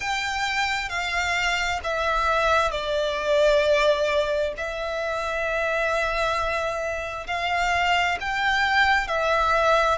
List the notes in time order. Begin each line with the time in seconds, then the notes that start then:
0.00 G5
0.88 F5
1.83 E5
2.71 D5
4.57 E5
7.26 F5
8.20 G5
9.07 E5